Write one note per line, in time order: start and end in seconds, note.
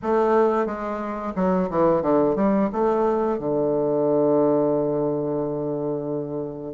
0.02 0.66 A3
0.66 1.33 G#3
1.35 1.69 F#3
1.70 2.02 E3
2.02 2.35 D3
2.35 2.69 G3
2.72 3.38 A3
3.38 6.74 D3